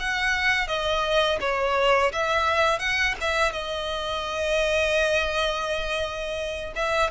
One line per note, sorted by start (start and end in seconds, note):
0.00 0.68 F#5
0.68 1.39 D#5
1.41 2.12 C#5
2.13 2.80 E5
2.80 3.15 F#5
3.21 3.53 E5
3.53 6.74 D#5
6.76 7.11 E5